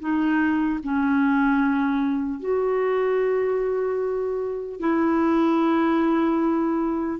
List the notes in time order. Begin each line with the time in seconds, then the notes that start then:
0.00 D#4
0.84 C#4
2.40 F#4
4.80 E4